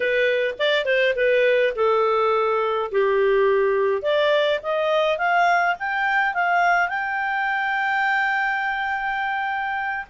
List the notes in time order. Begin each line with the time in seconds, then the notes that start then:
0.00 B4
0.58 D5
0.85 C5
1.15 B4
1.75 A4
2.91 G4
4.01 D5
4.63 D#5
5.18 F5
5.78 G5
6.33 F5
6.88 G5